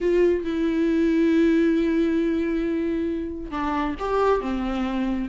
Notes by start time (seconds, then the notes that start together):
0.00 F4
0.44 E4
3.51 D4
3.99 G4
4.40 C4